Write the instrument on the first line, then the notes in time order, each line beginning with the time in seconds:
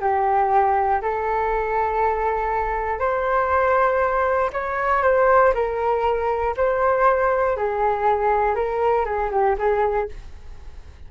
flute
0.00 G4
1.01 A4
2.99 C5
4.52 C#5
5.02 C5
5.54 A#4
6.56 C5
7.57 G#4
8.55 A#4
9.05 G#4
9.31 G4
9.58 G#4